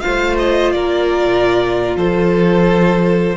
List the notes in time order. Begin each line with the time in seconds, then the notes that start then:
0.00 A3 F4 C5 F5
0.38 D#5
0.71 A#3 A#4 D5
1.25 A#2
1.95 F3 A4 C5